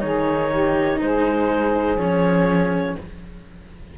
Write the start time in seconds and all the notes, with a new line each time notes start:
0.00 D#3 D#4 G#4 C#5
0.50 G4
1.00 G#3 G#4 C5
1.96 F3 C#4 C#5